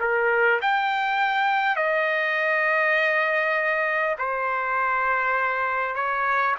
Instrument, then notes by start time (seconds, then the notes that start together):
trumpet
0.00 A#4
0.62 G5
1.76 D#5
4.18 C5
5.95 C#5